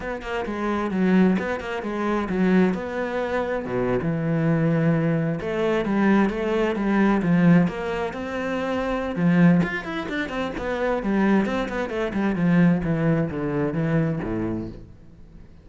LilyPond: \new Staff \with { instrumentName = "cello" } { \time 4/4 \tempo 4 = 131 b8 ais8 gis4 fis4 b8 ais8 | gis4 fis4 b2 | b,8. e2. a16~ | a8. g4 a4 g4 f16~ |
f8. ais4 c'2~ c'16 | f4 f'8 e'8 d'8 c'8 b4 | g4 c'8 b8 a8 g8 f4 | e4 d4 e4 a,4 | }